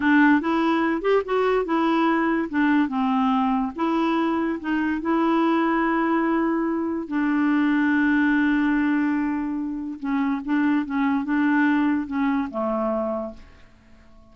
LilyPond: \new Staff \with { instrumentName = "clarinet" } { \time 4/4 \tempo 4 = 144 d'4 e'4. g'8 fis'4 | e'2 d'4 c'4~ | c'4 e'2 dis'4 | e'1~ |
e'4 d'2.~ | d'1 | cis'4 d'4 cis'4 d'4~ | d'4 cis'4 a2 | }